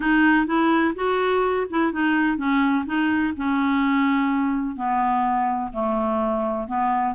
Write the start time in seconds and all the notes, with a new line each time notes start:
0.00 D#4
0.46 E4
0.95 F#4
1.69 E4
1.92 D#4
2.37 C#4
2.85 D#4
3.36 C#4
4.76 B3
5.73 A3
6.67 B3